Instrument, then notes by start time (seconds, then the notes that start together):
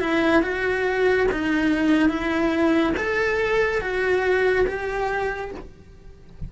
cello
0.00 E4
0.42 F#4
1.32 D#4
2.09 E4
2.97 A4
3.81 F#4
4.67 G4